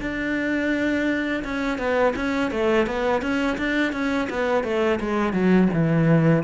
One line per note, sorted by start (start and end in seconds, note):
0.00 1.43 D4
1.44 1.78 C#4
1.78 2.14 B3
2.16 2.51 C#4
2.51 2.86 A3
2.86 3.21 B3
3.21 3.57 C#4
3.57 3.93 D4
3.93 4.28 C#4
4.30 4.64 B3
4.64 4.99 A3
5.00 5.32 G#3
5.32 5.68 F#3
5.73 6.43 E3